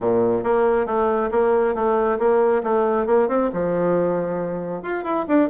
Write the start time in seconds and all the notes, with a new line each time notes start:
0.00 A#2
0.43 A#3
0.86 A3
1.31 A#3
1.74 A3
2.18 A#3
2.63 A3
3.06 A#3
3.28 C4
3.52 F3
4.82 F4
5.03 E4
5.28 D4